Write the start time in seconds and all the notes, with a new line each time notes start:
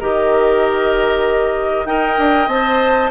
0.00 D#3 G4 A#4 D#5
1.86 D#4 A#4 D#5 G5
2.18 D4
2.48 C4 C5 A5